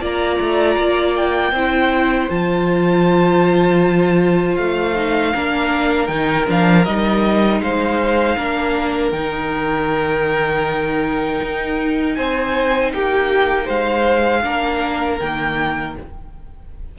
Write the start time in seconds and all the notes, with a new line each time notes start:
0.00 A#3 F4 D5 A#5
0.39 A3
0.75 A#3
1.15 G5
1.51 C4 E4 C5
2.29 F3 F4 A5
4.55 A3 F5
4.95 D#4
5.33 A#3 D4 A#4
6.06 D#3 D#4 G5
6.46 F3 D4 F5
6.84 G3 D#4 D#5
7.60 G#3 C5 F5
8.36 A#3 D4 A#4
9.11 D#3 D#4 G5
11.41 D#4
12.14 C4 C5 G#5
12.92 A#3 G4 G5
13.65 G#3 C5 F5
14.42 A#3 D4 A#4
15.19 D#3 A#3 G5